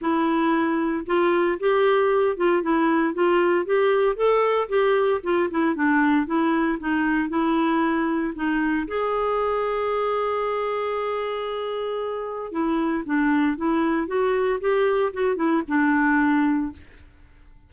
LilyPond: \new Staff \with { instrumentName = "clarinet" } { \time 4/4 \tempo 4 = 115 e'2 f'4 g'4~ | g'8 f'8 e'4 f'4 g'4 | a'4 g'4 f'8 e'8 d'4 | e'4 dis'4 e'2 |
dis'4 gis'2.~ | gis'1 | e'4 d'4 e'4 fis'4 | g'4 fis'8 e'8 d'2 | }